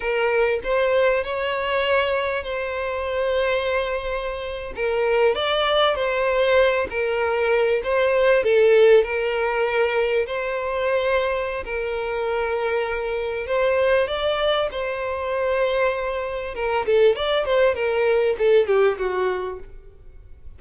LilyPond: \new Staff \with { instrumentName = "violin" } { \time 4/4 \tempo 4 = 98 ais'4 c''4 cis''2 | c''2.~ c''8. ais'16~ | ais'8. d''4 c''4. ais'8.~ | ais'8. c''4 a'4 ais'4~ ais'16~ |
ais'8. c''2~ c''16 ais'4~ | ais'2 c''4 d''4 | c''2. ais'8 a'8 | d''8 c''8 ais'4 a'8 g'8 fis'4 | }